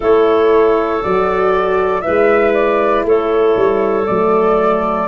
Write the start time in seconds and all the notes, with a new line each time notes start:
0.00 A3 E4 A4 C#5
1.03 F#3 F#4 D5
2.01 G#3 E4 B4 E5
2.53 D5
3.04 A3 A4 C#5
3.56 G3
4.06 F#3 A3 D5